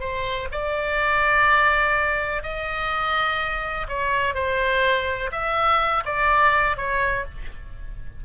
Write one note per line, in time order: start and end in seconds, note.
0.00 0.48 C5
0.52 2.43 D5
2.43 3.87 D#5
3.89 4.34 C#5
4.34 5.30 C5
5.32 6.04 E5
6.05 6.77 D5
6.77 7.25 C#5